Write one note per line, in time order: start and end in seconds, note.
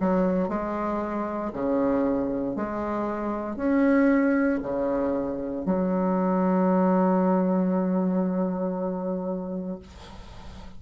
0.00 0.48 F#3
0.48 1.52 G#3
1.52 2.55 C#3
2.55 3.56 G#3
3.56 4.59 C#4
4.62 5.65 C#3
5.65 9.79 F#3